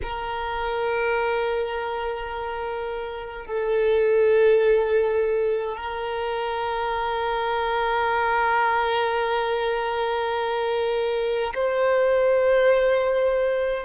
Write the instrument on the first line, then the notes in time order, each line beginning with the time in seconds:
violin
0.02 A#4
3.46 A4
5.76 A#4
11.54 C5